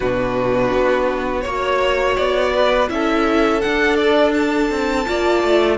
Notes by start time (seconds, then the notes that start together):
0.00 B2 D4 F#4 B4
0.72 B3
1.41 A#3 F#4 C#5
2.16 B3 D5
2.54 B4
2.88 C#4 E4 A4 E5
3.61 D4 F#5
3.95 D5
4.33 A5
4.70 C4
5.05 A#3 F4 D5
5.43 A3